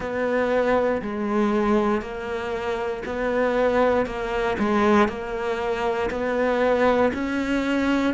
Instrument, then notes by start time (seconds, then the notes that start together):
cello
0.00 B3
1.02 G#3
2.01 A#3
3.05 B3
4.05 A#3
4.59 G#3
5.08 A#3
6.10 B3
7.13 C#4